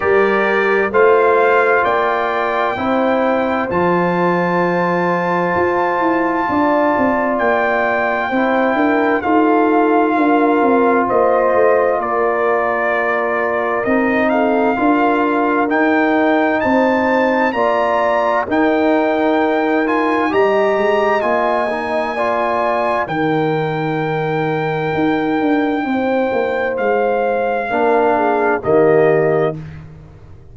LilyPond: <<
  \new Staff \with { instrumentName = "trumpet" } { \time 4/4 \tempo 4 = 65 d''4 f''4 g''2 | a''1 | g''2 f''2 | dis''4 d''2 dis''8 f''8~ |
f''4 g''4 a''4 ais''4 | g''4. gis''8 ais''4 gis''4~ | gis''4 g''2.~ | g''4 f''2 dis''4 | }
  \new Staff \with { instrumentName = "horn" } { \time 4/4 ais'4 c''4 d''4 c''4~ | c''2. d''4~ | d''4 c''8 ais'8 a'4 ais'4 | c''4 ais'2~ ais'8 a'8 |
ais'2 c''4 d''4 | ais'2 dis''2 | d''4 ais'2. | c''2 ais'8 gis'8 g'4 | }
  \new Staff \with { instrumentName = "trombone" } { \time 4/4 g'4 f'2 e'4 | f'1~ | f'4 e'4 f'2~ | f'2. dis'4 |
f'4 dis'2 f'4 | dis'4. f'8 g'4 f'8 dis'8 | f'4 dis'2.~ | dis'2 d'4 ais4 | }
  \new Staff \with { instrumentName = "tuba" } { \time 4/4 g4 a4 ais4 c'4 | f2 f'8 e'8 d'8 c'8 | ais4 c'8 d'8 dis'4 d'8 c'8 | ais8 a8 ais2 c'4 |
d'4 dis'4 c'4 ais4 | dis'2 g8 gis8 ais4~ | ais4 dis2 dis'8 d'8 | c'8 ais8 gis4 ais4 dis4 | }
>>